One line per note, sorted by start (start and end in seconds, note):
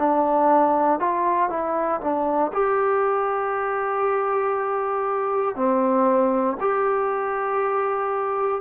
0.00 1.00 D4
1.00 1.50 F4
1.50 2.01 E4
2.01 2.52 D4
2.53 5.56 G4
5.56 6.58 C4
6.61 8.62 G4